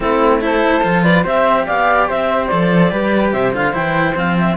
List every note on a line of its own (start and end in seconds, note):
0.00 0.84 A3
0.00 0.40 C4
0.00 0.42 E4
0.00 0.42 A4
0.40 0.82 E4
0.40 1.03 A4
0.40 1.03 C5
0.83 1.24 F3
0.83 1.23 F4
1.03 1.23 B4
1.03 1.24 D5
1.23 1.66 C4
1.23 2.48 G4
1.23 1.64 C5
1.23 1.66 E5
1.66 2.10 B3
1.66 2.08 D5
1.66 2.08 F5
2.08 2.52 C4
2.08 2.91 C5
2.08 2.47 E5
2.47 2.91 F3
2.47 2.90 A4
2.47 3.30 D5
2.90 3.33 G3
2.90 3.53 G4
2.90 3.33 B4
3.32 3.53 C3
3.32 4.57 C5
3.32 3.53 E5
3.53 3.74 D3
3.53 3.72 F4
3.53 3.74 F5
3.72 4.15 E3
3.72 4.14 E4
3.72 4.16 G5
4.15 4.57 F3
4.15 4.56 C4
4.15 4.38 F5
4.38 4.57 E5